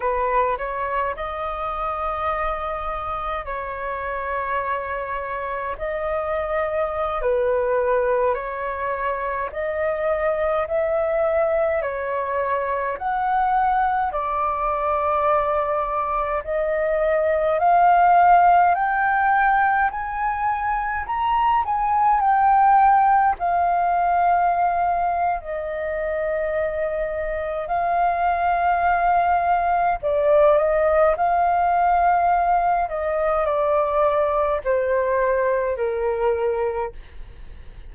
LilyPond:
\new Staff \with { instrumentName = "flute" } { \time 4/4 \tempo 4 = 52 b'8 cis''8 dis''2 cis''4~ | cis''4 dis''4~ dis''16 b'4 cis''8.~ | cis''16 dis''4 e''4 cis''4 fis''8.~ | fis''16 d''2 dis''4 f''8.~ |
f''16 g''4 gis''4 ais''8 gis''8 g''8.~ | g''16 f''4.~ f''16 dis''2 | f''2 d''8 dis''8 f''4~ | f''8 dis''8 d''4 c''4 ais'4 | }